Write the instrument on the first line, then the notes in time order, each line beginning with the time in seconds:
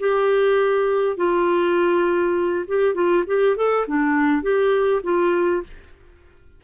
clarinet
0.00 G4
1.17 F4
2.68 G4
2.95 F4
3.27 G4
3.57 A4
3.87 D4
4.43 G4
5.04 F4